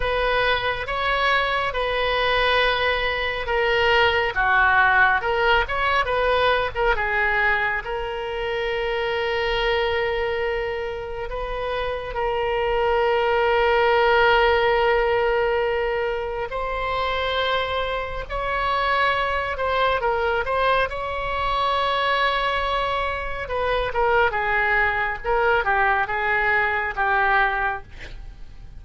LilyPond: \new Staff \with { instrumentName = "oboe" } { \time 4/4 \tempo 4 = 69 b'4 cis''4 b'2 | ais'4 fis'4 ais'8 cis''8 b'8. ais'16 | gis'4 ais'2.~ | ais'4 b'4 ais'2~ |
ais'2. c''4~ | c''4 cis''4. c''8 ais'8 c''8 | cis''2. b'8 ais'8 | gis'4 ais'8 g'8 gis'4 g'4 | }